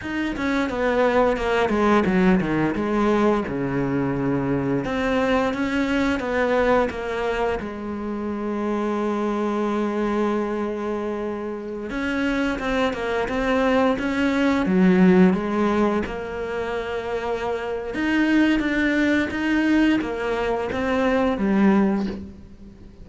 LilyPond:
\new Staff \with { instrumentName = "cello" } { \time 4/4 \tempo 4 = 87 dis'8 cis'8 b4 ais8 gis8 fis8 dis8 | gis4 cis2 c'4 | cis'4 b4 ais4 gis4~ | gis1~ |
gis4~ gis16 cis'4 c'8 ais8 c'8.~ | c'16 cis'4 fis4 gis4 ais8.~ | ais2 dis'4 d'4 | dis'4 ais4 c'4 g4 | }